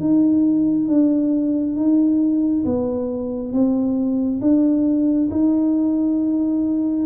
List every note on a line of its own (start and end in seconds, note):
0.00 0.88 D#4
0.88 1.76 D4
1.76 2.64 D#4
2.65 3.53 B3
3.53 4.41 C4
4.41 5.29 D4
5.31 7.06 D#4